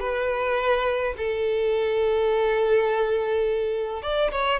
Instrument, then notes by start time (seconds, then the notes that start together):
violin
0.00 B4
1.18 A4
4.02 D5
4.32 C#5